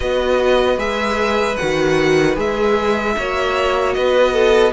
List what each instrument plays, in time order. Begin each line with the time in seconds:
0.00 cello B3, viola F#4, violin B4 D#5
0.77 cello G#3, viola G#4, violin E5
1.56 cello D#3, viola F#4, violin F#5
2.35 cello G#3, viola G#4, violin E5
3.17 cello A#3, viola F#4, violin C#5
3.93 cello B3, violin B4 D#5
4.33 violin A4